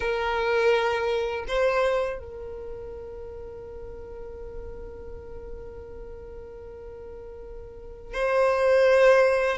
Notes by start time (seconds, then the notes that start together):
0.00 A#4
1.47 C5
2.19 A#4
8.13 C5